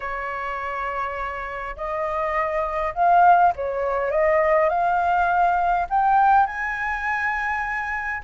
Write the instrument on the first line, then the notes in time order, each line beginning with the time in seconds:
flute
0.00 C#5
1.76 D#5
2.94 F5
3.55 C#5
4.10 D#5
4.69 F5
5.89 G5
6.46 G#5